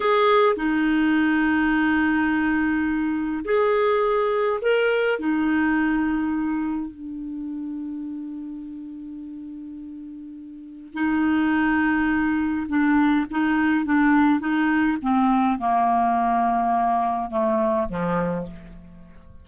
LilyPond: \new Staff \with { instrumentName = "clarinet" } { \time 4/4 \tempo 4 = 104 gis'4 dis'2.~ | dis'2 gis'2 | ais'4 dis'2. | d'1~ |
d'2. dis'4~ | dis'2 d'4 dis'4 | d'4 dis'4 c'4 ais4~ | ais2 a4 f4 | }